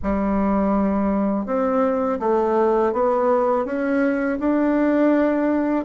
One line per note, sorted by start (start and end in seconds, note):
0.02 1.46 G3
1.46 2.19 C4
2.20 2.92 A3
2.92 3.65 B3
3.65 4.38 C#4
4.39 5.84 D4